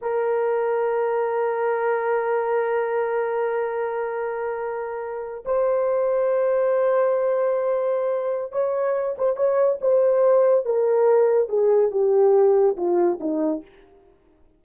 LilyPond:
\new Staff \with { instrumentName = "horn" } { \time 4/4 \tempo 4 = 141 ais'1~ | ais'1~ | ais'1~ | ais'8. c''2.~ c''16~ |
c''1 | cis''4. c''8 cis''4 c''4~ | c''4 ais'2 gis'4 | g'2 f'4 dis'4 | }